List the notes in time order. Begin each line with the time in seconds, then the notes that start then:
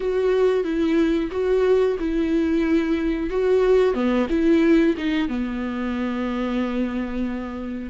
0.00 F#4
0.64 E4
1.31 F#4
1.99 E4
3.30 F#4
3.94 B3
4.29 E4
4.97 D#4
5.28 B3